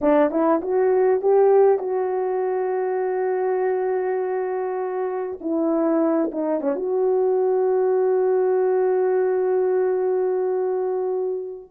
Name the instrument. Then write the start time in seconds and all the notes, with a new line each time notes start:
horn
0.01 D4
0.30 E4
0.61 F#4
1.21 G4
1.78 F#4
5.40 E4
6.31 D#4
6.61 C#4
6.75 F#4